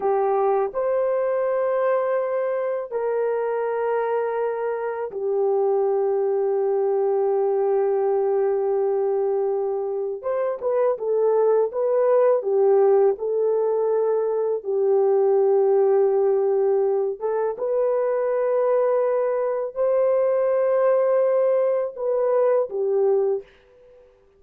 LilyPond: \new Staff \with { instrumentName = "horn" } { \time 4/4 \tempo 4 = 82 g'4 c''2. | ais'2. g'4~ | g'1~ | g'2 c''8 b'8 a'4 |
b'4 g'4 a'2 | g'2.~ g'8 a'8 | b'2. c''4~ | c''2 b'4 g'4 | }